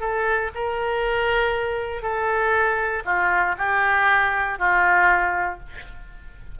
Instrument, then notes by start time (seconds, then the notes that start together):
oboe
0.00 A4
0.55 A#4
2.02 A4
3.05 F4
3.58 G4
4.58 F4